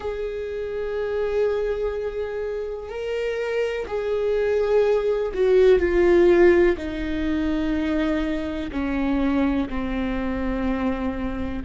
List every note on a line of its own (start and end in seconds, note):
0.00 2.89 G#4
2.89 3.86 A#4
3.87 5.32 G#4
5.34 5.78 F#4
5.78 6.75 F4
6.77 8.71 D#4
8.71 9.68 C#4
9.69 11.62 C4